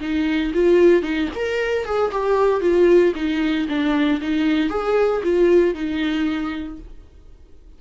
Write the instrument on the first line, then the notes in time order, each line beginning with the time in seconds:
viola
0.00 D#4
0.54 F4
1.02 D#4
1.35 A#4
1.85 G#4
2.12 G4
2.61 F4
3.15 D#4
3.68 D4
4.21 D#4
4.69 G#4
5.23 F4
5.74 D#4